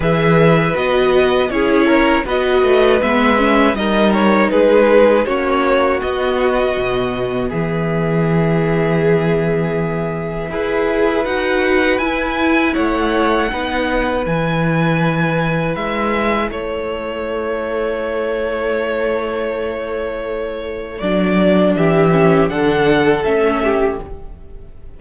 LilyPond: <<
  \new Staff \with { instrumentName = "violin" } { \time 4/4 \tempo 4 = 80 e''4 dis''4 cis''4 dis''4 | e''4 dis''8 cis''8 b'4 cis''4 | dis''2 e''2~ | e''2. fis''4 |
gis''4 fis''2 gis''4~ | gis''4 e''4 cis''2~ | cis''1 | d''4 e''4 fis''4 e''4 | }
  \new Staff \with { instrumentName = "violin" } { \time 4/4 b'2 gis'8 ais'8 b'4~ | b'4 ais'4 gis'4 fis'4~ | fis'2 gis'2~ | gis'2 b'2~ |
b'4 cis''4 b'2~ | b'2 a'2~ | a'1~ | a'4 g'4 a'4. g'8 | }
  \new Staff \with { instrumentName = "viola" } { \time 4/4 gis'4 fis'4 e'4 fis'4 | b8 cis'8 dis'2 cis'4 | b1~ | b2 gis'4 fis'4 |
e'2 dis'4 e'4~ | e'1~ | e'1 | d'4. cis'8 d'4 cis'4 | }
  \new Staff \with { instrumentName = "cello" } { \time 4/4 e4 b4 cis'4 b8 a8 | gis4 g4 gis4 ais4 | b4 b,4 e2~ | e2 e'4 dis'4 |
e'4 a4 b4 e4~ | e4 gis4 a2~ | a1 | fis4 e4 d4 a4 | }
>>